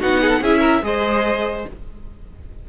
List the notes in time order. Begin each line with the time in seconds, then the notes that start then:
0.00 B3 D#4 F#4 F#5
0.21 G#4
0.29 A4
0.41 C#4 E4 G#4 E5
0.60 A#4
0.82 G#3 G#4 C5 D#5